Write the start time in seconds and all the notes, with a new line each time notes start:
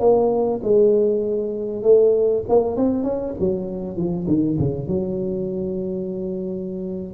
0.00 A#3
0.63 G#3
1.83 A3
2.49 A#3
2.77 C4
3.04 C#4
3.40 F#3
3.97 F3
4.28 D#3
4.59 C#3
4.88 F#3